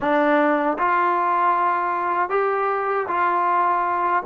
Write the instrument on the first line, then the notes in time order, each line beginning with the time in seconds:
trombone
0.00 D4
0.78 F4
2.29 G4
3.07 F4